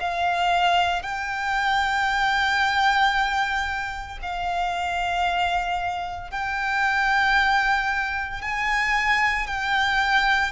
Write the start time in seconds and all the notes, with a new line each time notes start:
0.00 F5
1.02 G5
4.22 F5
6.31 G5
8.42 G#5
9.47 G5